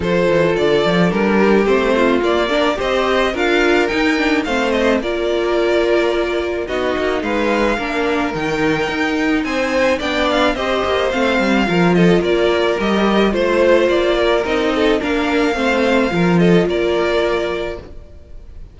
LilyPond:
<<
  \new Staff \with { instrumentName = "violin" } { \time 4/4 \tempo 4 = 108 c''4 d''4 ais'4 c''4 | d''4 dis''4 f''4 g''4 | f''8 dis''8 d''2. | dis''4 f''2 g''4~ |
g''4 gis''4 g''8 f''8 dis''4 | f''4. dis''8 d''4 dis''4 | c''4 d''4 dis''4 f''4~ | f''4. dis''8 d''2 | }
  \new Staff \with { instrumentName = "violin" } { \time 4/4 a'2~ a'8 g'4 f'8~ | f'8 ais'8 c''4 ais'2 | c''4 ais'2. | fis'4 b'4 ais'2~ |
ais'4 c''4 d''4 c''4~ | c''4 ais'8 a'8 ais'2 | c''4. ais'4 a'8 ais'4 | c''4 ais'8 a'8 ais'2 | }
  \new Staff \with { instrumentName = "viola" } { \time 4/4 f'2 d'4 c'4 | ais8 d'8 g'4 f'4 dis'8 d'8 | c'4 f'2. | dis'2 d'4 dis'4~ |
dis'2 d'4 g'4 | c'4 f'2 g'4 | f'2 dis'4 d'4 | c'4 f'2. | }
  \new Staff \with { instrumentName = "cello" } { \time 4/4 f8 e8 d8 f8 g4 a4 | ais4 c'4 d'4 dis'4 | a4 ais2. | b8 ais8 gis4 ais4 dis4 |
dis'4 c'4 b4 c'8 ais8 | a8 g8 f4 ais4 g4 | a4 ais4 c'4 ais4 | a4 f4 ais2 | }
>>